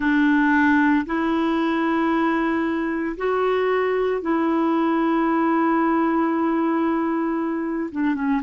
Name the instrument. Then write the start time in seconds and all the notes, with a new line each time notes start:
clarinet
0.00 D4
1.05 E4
3.17 F#4
4.21 E4
7.91 D4
8.14 C#4